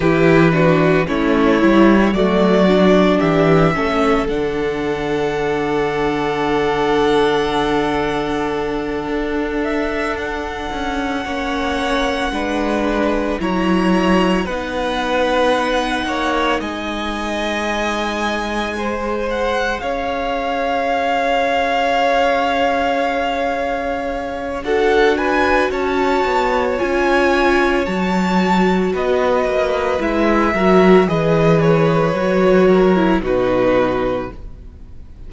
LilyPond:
<<
  \new Staff \with { instrumentName = "violin" } { \time 4/4 \tempo 4 = 56 b'4 cis''4 d''4 e''4 | fis''1~ | fis''4 e''8 fis''2~ fis''8~ | fis''8 ais''4 fis''2 gis''8~ |
gis''2 fis''8 f''4.~ | f''2. fis''8 gis''8 | a''4 gis''4 a''4 dis''4 | e''4 dis''8 cis''4. b'4 | }
  \new Staff \with { instrumentName = "violin" } { \time 4/4 g'8 fis'8 e'4 fis'4 g'8 a'8~ | a'1~ | a'2~ a'8 cis''4 b'8~ | b'8 cis''4 b'4. cis''8 dis''8~ |
dis''4. c''4 cis''4.~ | cis''2. a'8 b'8 | cis''2. b'4~ | b'8 ais'8 b'4. ais'8 fis'4 | }
  \new Staff \with { instrumentName = "viola" } { \time 4/4 e'8 d'8 cis'8 e'8 a8 d'4 cis'8 | d'1~ | d'2~ d'8 cis'4 d'8~ | d'8 e'4 dis'2~ dis'8~ |
dis'4. gis'2~ gis'8~ | gis'2. fis'4~ | fis'4 f'4 fis'2 | e'8 fis'8 gis'4 fis'8. e'16 dis'4 | }
  \new Staff \with { instrumentName = "cello" } { \time 4/4 e4 a8 g8 fis4 e8 a8 | d1~ | d8 d'4. cis'8 ais4 gis8~ | gis8 fis4 b4. ais8 gis8~ |
gis2~ gis8 cis'4.~ | cis'2. d'4 | cis'8 b8 cis'4 fis4 b8 ais8 | gis8 fis8 e4 fis4 b,4 | }
>>